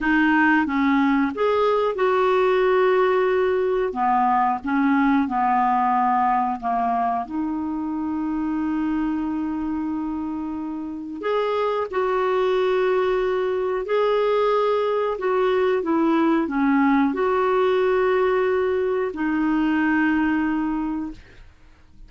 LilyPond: \new Staff \with { instrumentName = "clarinet" } { \time 4/4 \tempo 4 = 91 dis'4 cis'4 gis'4 fis'4~ | fis'2 b4 cis'4 | b2 ais4 dis'4~ | dis'1~ |
dis'4 gis'4 fis'2~ | fis'4 gis'2 fis'4 | e'4 cis'4 fis'2~ | fis'4 dis'2. | }